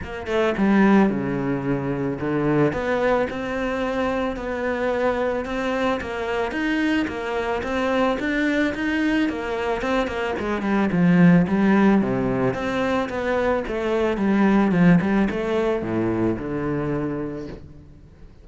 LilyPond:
\new Staff \with { instrumentName = "cello" } { \time 4/4 \tempo 4 = 110 ais8 a8 g4 cis2 | d4 b4 c'2 | b2 c'4 ais4 | dis'4 ais4 c'4 d'4 |
dis'4 ais4 c'8 ais8 gis8 g8 | f4 g4 c4 c'4 | b4 a4 g4 f8 g8 | a4 a,4 d2 | }